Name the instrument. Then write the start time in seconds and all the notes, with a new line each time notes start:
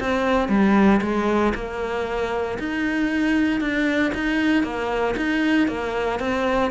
cello
0.00 C4
0.49 G3
1.02 G#3
1.55 A#3
2.59 D#4
3.60 D4
4.14 D#4
4.63 A#3
5.17 D#4
5.68 A#3
6.20 C4